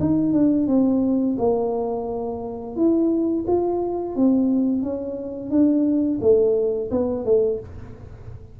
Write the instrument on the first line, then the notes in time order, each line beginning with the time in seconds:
tuba
0.00 D#4
0.33 D4
0.67 C4
1.38 A#3
2.76 E4
3.47 F4
4.16 C4
4.82 C#4
5.50 D4
6.21 A3
6.91 B3
7.25 A3